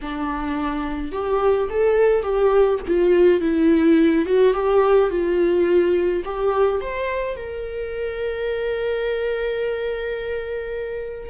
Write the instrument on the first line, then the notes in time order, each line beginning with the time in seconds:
viola
0.01 D4
1.12 G4
1.69 A4
2.22 G4
2.87 F4
3.40 E4
4.25 F#4
4.53 G4
5.09 F4
6.24 G4
6.81 C5
7.36 A#4